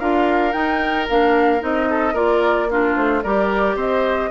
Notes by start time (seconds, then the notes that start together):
0.00 D4 F4 A#4 F5
0.52 D#4 G5
1.09 A#3 D4 F5
1.60 C4 D#4 D#5
1.90 A4
2.14 A#3 F4 A#4 D5
2.70 D4 F4 A#4
2.96 A3 C5
3.23 G3 G4 A#4 D5
3.76 C4 C5 D#5